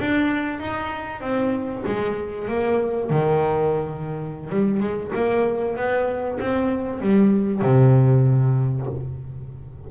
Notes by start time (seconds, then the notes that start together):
0.00 D4
0.60 D#4
1.21 C4
1.86 G#3
2.48 A#3
3.10 D#3
4.50 G3
4.80 G#3
5.15 A#3
5.76 B3
6.40 C4
7.01 G3
7.62 C3